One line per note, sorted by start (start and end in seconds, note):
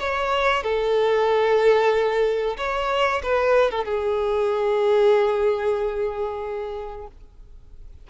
0.00 0.64 C#5
0.64 2.57 A4
2.58 3.22 C#5
3.23 3.71 B4
3.71 3.85 A4
3.85 7.08 G#4